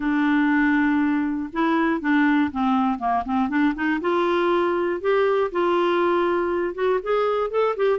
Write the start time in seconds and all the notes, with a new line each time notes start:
0.00 D4
1.52 E4
2.00 D4
2.51 C4
2.98 A#3
3.25 C4
3.49 D4
3.75 D#4
4.00 F4
5.00 G4
5.51 F4
6.74 F#4
7.02 G#4
7.50 A4
7.76 G4